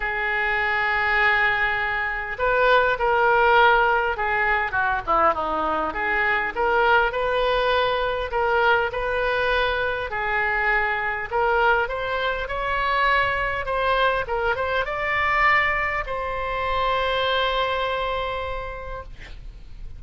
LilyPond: \new Staff \with { instrumentName = "oboe" } { \time 4/4 \tempo 4 = 101 gis'1 | b'4 ais'2 gis'4 | fis'8 e'8 dis'4 gis'4 ais'4 | b'2 ais'4 b'4~ |
b'4 gis'2 ais'4 | c''4 cis''2 c''4 | ais'8 c''8 d''2 c''4~ | c''1 | }